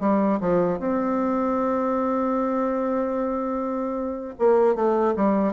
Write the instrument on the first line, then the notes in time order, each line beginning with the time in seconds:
bassoon
0.00 G3
0.41 F3
0.79 C4
4.39 A#3
4.75 A3
5.16 G3